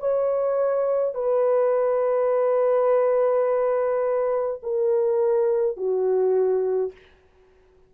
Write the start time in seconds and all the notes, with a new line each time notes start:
0.00 C#5
1.15 B4
4.63 A#4
5.77 F#4